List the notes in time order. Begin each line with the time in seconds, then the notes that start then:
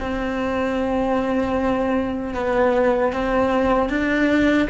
0.00 C4
2.34 B3
3.13 C4
3.90 D4